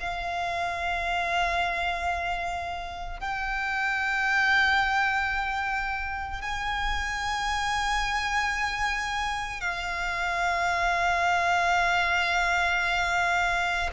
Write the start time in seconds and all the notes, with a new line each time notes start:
0.00 F5
3.20 G5
6.41 G#5
9.61 F5